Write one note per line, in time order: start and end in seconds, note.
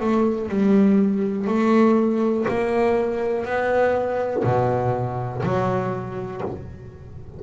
0.00 0.49 A3
0.49 1.47 G3
1.47 2.45 A3
2.48 3.45 A#3
3.45 4.43 B3
4.44 5.42 B2
5.43 6.41 F#3